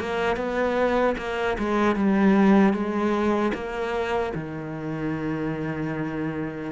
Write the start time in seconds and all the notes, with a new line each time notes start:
0.00 A#3
0.37 B3
1.18 A#3
1.59 G#3
1.96 G3
2.73 G#3
3.54 A#3
4.35 D#3